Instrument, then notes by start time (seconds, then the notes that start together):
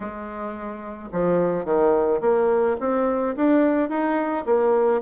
bassoon
0.00 G#3
1.12 F3
1.64 D#3
2.20 A#3
2.80 C4
3.36 D4
3.89 D#4
4.45 A#3